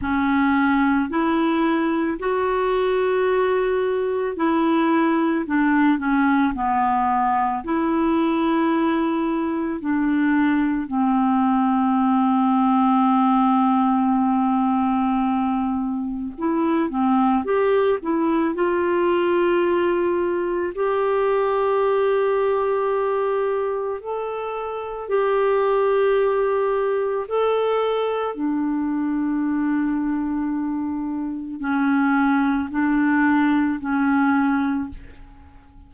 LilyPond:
\new Staff \with { instrumentName = "clarinet" } { \time 4/4 \tempo 4 = 55 cis'4 e'4 fis'2 | e'4 d'8 cis'8 b4 e'4~ | e'4 d'4 c'2~ | c'2. e'8 c'8 |
g'8 e'8 f'2 g'4~ | g'2 a'4 g'4~ | g'4 a'4 d'2~ | d'4 cis'4 d'4 cis'4 | }